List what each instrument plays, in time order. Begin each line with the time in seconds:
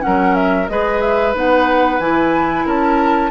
0.00 bassoon F#3, clarinet C#4, oboe A#4, flute F#5
0.35 flute E5
0.68 bassoon G#3, clarinet G#4, oboe B4, flute D#5
1.01 flute E5
1.34 bassoon B3, clarinet D#4, flute F#5
1.99 bassoon E3, clarinet E4, flute G#5
2.65 bassoon C#4, oboe A#4, flute A5